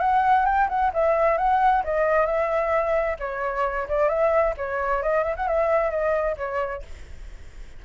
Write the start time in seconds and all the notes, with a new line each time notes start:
0.00 F#5
0.45 G5
0.69 F#5
0.94 E5
1.37 F#5
1.84 D#5
2.26 E5
3.19 C#5
3.88 D5
4.09 E5
4.57 C#5
5.02 D#5
5.24 E5
5.36 F#5
5.47 E5
5.90 D#5
6.37 C#5